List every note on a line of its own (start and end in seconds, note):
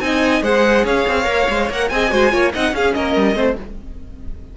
0.00 0.42 C4
0.00 0.43 D#4
0.00 0.43 D#5
0.00 0.42 G#5
0.42 0.84 G#3
0.42 1.24 G#4
0.42 0.85 C5
0.42 0.86 F#5
0.84 1.05 C#4
0.84 1.90 C#5
0.84 1.70 F5
1.07 1.26 C4
1.24 1.47 A#3
1.24 1.45 A#4
1.49 1.69 G#3
1.49 1.70 C5
1.69 1.90 A#3
1.69 1.91 A#4
1.69 1.89 F#5
1.89 2.12 C4
1.89 2.10 G#4
1.89 2.11 D#5
1.89 2.52 G#5
2.10 2.32 G#3
2.10 2.30 F#4
2.10 2.32 C5
2.30 2.53 A#3
2.30 2.51 F4
2.30 2.53 C#5
2.53 2.72 C4
2.53 2.75 D#4
2.53 2.74 D#5
2.53 2.75 F#5
2.72 2.93 C#4
2.72 3.35 C#4
2.72 2.96 G#4
2.72 2.94 F5
2.94 3.16 A#3
2.94 3.36 A#4
2.94 3.57 D#5
3.16 3.35 G3
3.35 3.56 A3
3.35 3.56 C4
3.35 3.57 C5